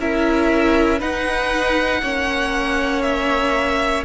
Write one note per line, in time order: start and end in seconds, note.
0.00 1.01 C#4
0.00 1.00 E4
0.00 1.00 A#4
0.00 1.01 E5
1.00 2.02 D#4
1.00 2.03 D#4
1.00 2.01 B4
1.00 3.02 F#5
2.03 4.05 A#3
2.03 4.05 C#4
2.03 4.05 C#5
3.02 4.04 E5